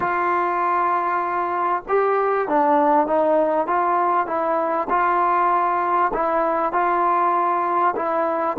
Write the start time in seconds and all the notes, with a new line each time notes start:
0.00 F4
1.88 G4
2.48 D4
3.06 D#4
3.66 F4
4.26 E4
4.89 F4
6.13 E4
6.72 F4
7.95 E4